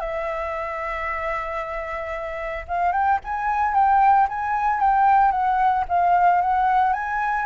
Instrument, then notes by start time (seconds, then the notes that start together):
flute
0.00 E5
2.68 F5
2.92 G5
3.24 G#5
3.74 G5
4.29 G#5
4.80 G5
5.32 F#5
5.88 F5
6.41 F#5
6.93 G#5